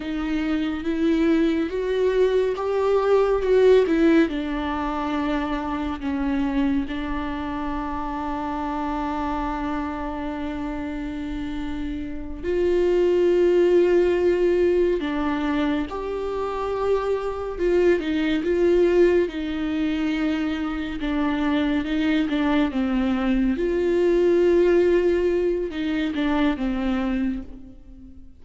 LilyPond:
\new Staff \with { instrumentName = "viola" } { \time 4/4 \tempo 4 = 70 dis'4 e'4 fis'4 g'4 | fis'8 e'8 d'2 cis'4 | d'1~ | d'2~ d'8 f'4.~ |
f'4. d'4 g'4.~ | g'8 f'8 dis'8 f'4 dis'4.~ | dis'8 d'4 dis'8 d'8 c'4 f'8~ | f'2 dis'8 d'8 c'4 | }